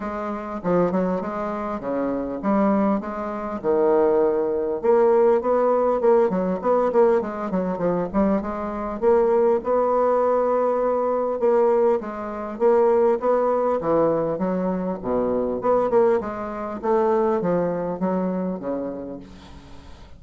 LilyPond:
\new Staff \with { instrumentName = "bassoon" } { \time 4/4 \tempo 4 = 100 gis4 f8 fis8 gis4 cis4 | g4 gis4 dis2 | ais4 b4 ais8 fis8 b8 ais8 | gis8 fis8 f8 g8 gis4 ais4 |
b2. ais4 | gis4 ais4 b4 e4 | fis4 b,4 b8 ais8 gis4 | a4 f4 fis4 cis4 | }